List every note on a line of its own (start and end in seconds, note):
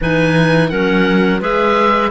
0.01 0.71 E3
0.01 0.71 D#4
0.01 0.70 B4
0.01 0.69 G#5
0.69 1.41 F#3
0.69 1.39 C#4
0.69 1.40 A#4
0.69 1.40 F#5
1.39 2.10 G#3
1.39 2.10 G#4
1.39 2.10 B4
1.39 2.10 E5